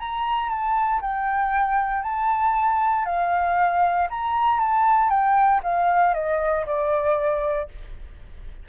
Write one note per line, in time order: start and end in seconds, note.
0.00 0.50 A#5
0.50 1.01 A5
1.02 2.03 G5
2.03 3.06 A5
3.06 4.08 F5
4.10 4.60 A#5
4.60 5.10 A5
5.10 5.61 G5
5.64 6.14 F5
6.14 6.66 D#5
6.66 7.69 D5